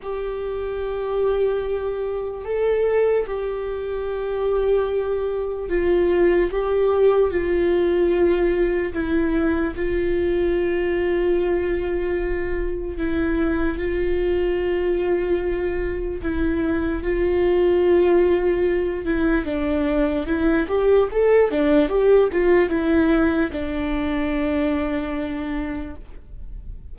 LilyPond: \new Staff \with { instrumentName = "viola" } { \time 4/4 \tempo 4 = 74 g'2. a'4 | g'2. f'4 | g'4 f'2 e'4 | f'1 |
e'4 f'2. | e'4 f'2~ f'8 e'8 | d'4 e'8 g'8 a'8 d'8 g'8 f'8 | e'4 d'2. | }